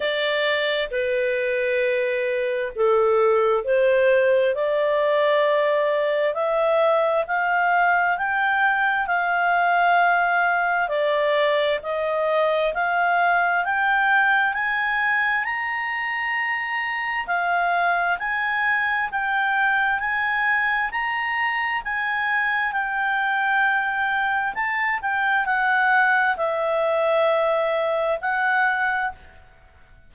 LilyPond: \new Staff \with { instrumentName = "clarinet" } { \time 4/4 \tempo 4 = 66 d''4 b'2 a'4 | c''4 d''2 e''4 | f''4 g''4 f''2 | d''4 dis''4 f''4 g''4 |
gis''4 ais''2 f''4 | gis''4 g''4 gis''4 ais''4 | gis''4 g''2 a''8 g''8 | fis''4 e''2 fis''4 | }